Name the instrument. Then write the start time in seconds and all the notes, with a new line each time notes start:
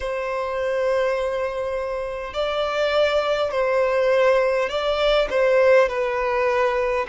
violin
0.00 C5
2.33 D5
3.51 C5
4.69 D5
5.29 C5
5.88 B4